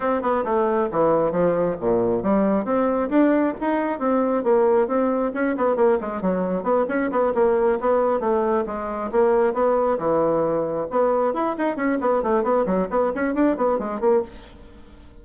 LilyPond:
\new Staff \with { instrumentName = "bassoon" } { \time 4/4 \tempo 4 = 135 c'8 b8 a4 e4 f4 | ais,4 g4 c'4 d'4 | dis'4 c'4 ais4 c'4 | cis'8 b8 ais8 gis8 fis4 b8 cis'8 |
b8 ais4 b4 a4 gis8~ | gis8 ais4 b4 e4.~ | e8 b4 e'8 dis'8 cis'8 b8 a8 | b8 fis8 b8 cis'8 d'8 b8 gis8 ais8 | }